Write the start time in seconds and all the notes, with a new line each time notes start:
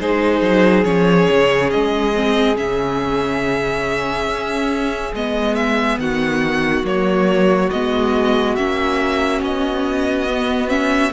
0.00 G#3 D#4 G#4 C5
0.42 F#3
0.84 F3 C#4 C#5
1.31 C#3
1.71 G#3 D#5
2.15 C4
2.56 C#3 C#4 E5
4.27 C#4
5.13 G#3 B3 D#5
5.55 E5
5.98 D#3 F#4 F#5
6.83 F#3 A#3 C#5
7.70 G#3 B3 D#5
8.56 A#3 C#4 E5
9.42 B3 D#5
10.28 B3
10.68 C#4 E5